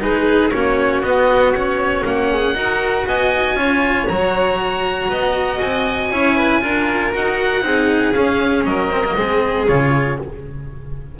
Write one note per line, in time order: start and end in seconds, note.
0.00 0.52 G#3
0.00 0.51 D#4
0.00 0.55 G#4
0.00 0.50 B4
0.50 1.01 A#3
0.50 1.03 C#4
0.50 2.31 F#4
0.50 1.01 C#5
1.01 2.03 B3
1.01 1.54 B3
1.01 1.53 D#5
1.54 2.55 C#4
1.54 2.05 C#5
2.05 2.54 A#3
2.05 3.08 F#5
2.31 2.57 G#4
2.54 3.05 D#4
2.54 3.56 F#4
2.54 3.07 A#4
3.06 3.54 B3
3.06 3.58 D#5
3.06 4.08 G#5
3.54 4.05 C#4
3.54 4.06 F4
3.54 5.10 C#5
4.08 5.09 F#3
4.08 6.11 F#4
4.08 5.60 A#5
5.09 5.60 B3
5.09 6.11 D#5
5.61 6.11 C4
5.61 7.13 G#5
6.11 6.62 C#4
6.11 6.61 E4
6.11 6.37 C#5
6.37 6.62 B4
6.61 7.14 D4
6.61 7.12 F4
6.61 7.64 A#4
7.12 7.63 D#4
7.12 7.61 F#4
7.12 8.13 F#5
7.61 8.14 C4
7.61 8.12 D#4
7.61 8.68 G#4
8.13 8.64 C#4
8.13 8.91 C#4
8.13 8.64 F5
8.64 9.15 F#3
8.64 9.17 A#4
8.64 9.67 D#5
8.91 9.04 C4
9.05 9.17 A#3
9.17 9.68 G#3
9.17 9.67 C4
9.17 10.19 G#4
9.67 10.19 C#3
9.67 10.18 F4
9.67 10.18 C#5